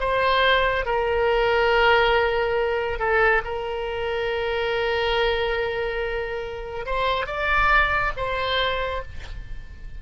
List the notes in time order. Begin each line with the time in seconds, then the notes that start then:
0.00 C5
0.85 A#4
2.99 A4
3.45 A#4
6.86 C5
7.27 D5
8.17 C5